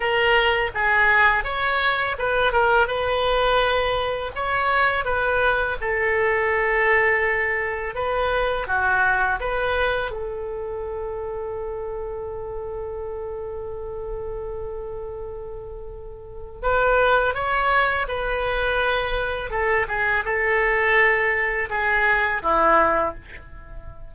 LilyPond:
\new Staff \with { instrumentName = "oboe" } { \time 4/4 \tempo 4 = 83 ais'4 gis'4 cis''4 b'8 ais'8 | b'2 cis''4 b'4 | a'2. b'4 | fis'4 b'4 a'2~ |
a'1~ | a'2. b'4 | cis''4 b'2 a'8 gis'8 | a'2 gis'4 e'4 | }